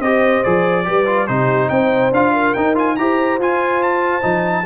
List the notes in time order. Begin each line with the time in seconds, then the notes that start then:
0.00 C4 G4 C5 D#5
0.43 F3 G#4 D5
0.85 G3 G4 B4
1.06 F4
1.27 C3 D#4 G4 C5
1.69 C4 C5 G5
2.12 D4 F4 F5
2.33 A#4
2.54 D#4 G5
2.75 F4 G#5
2.97 E4 G4 C5 A#5
3.39 F4 G#5
3.83 A5
4.22 F3 D#4